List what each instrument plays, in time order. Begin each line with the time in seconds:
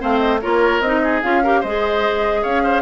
0.00 bassoon A3, clarinet C4, oboe C5, flute F5
0.19 flute D#5
0.42 bassoon A#3, clarinet F4, oboe A#4, flute C#5
0.81 bassoon C4, clarinet D#4, flute D#5
1.03 oboe G#4
1.23 bassoon C#4, clarinet F4, flute F5
1.44 clarinet G4, oboe A#4
1.61 bassoon G#3, oboe C5, flute D#5
1.67 clarinet G#4
2.43 bassoon C#4, oboe C#5, flute F5
2.64 oboe C5